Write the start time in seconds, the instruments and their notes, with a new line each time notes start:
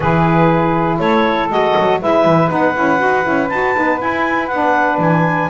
0.00 double bass E3, saxophone E4 G#4, clarinet B4
0.99 double bass A3, saxophone A4, clarinet C#5
1.49 double bass G#3, saxophone F#4, clarinet D#5
1.77 double bass F#3
2.00 double bass G#3, saxophone E4 B4, clarinet E5
2.24 double bass E3
2.48 double bass B3, saxophone D#4, clarinet F#5
2.74 double bass C#4, saxophone E4
2.98 double bass D#4, saxophone F#4
3.22 double bass C#4, saxophone E4
3.49 double bass D#4, saxophone F#4, clarinet A5
3.75 double bass B3, saxophone D#4
3.99 saxophone E4, double bass E4, clarinet G#5
4.47 double bass B3, saxophone D4, clarinet F#5
4.98 double bass E3, clarinet G#5